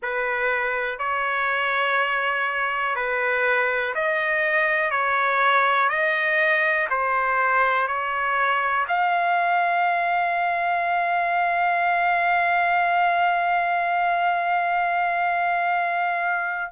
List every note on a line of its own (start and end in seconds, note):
0.02 0.98 B4
0.98 2.95 C#5
2.95 3.93 B4
3.94 4.90 D#5
4.90 5.89 C#5
5.89 6.87 D#5
6.90 7.87 C5
7.87 8.86 C#5
8.87 16.72 F5